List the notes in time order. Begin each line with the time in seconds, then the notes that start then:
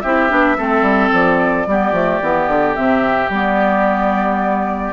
0.00 C4 E4 G4 E5
0.29 B3 D4
0.57 A3 C4 A4
0.81 G3
1.12 F3 D5
1.66 G3 B3 G4
1.91 F3 A3
2.21 E3 B3
2.47 D3
2.75 C3 C4 E5
3.29 G3 B3 D5